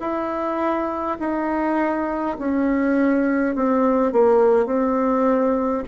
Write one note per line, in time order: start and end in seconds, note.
0.00 1.18 E4
1.20 2.37 D#4
2.39 3.56 C#4
3.56 4.12 C4
4.12 4.66 A#3
4.66 5.84 C4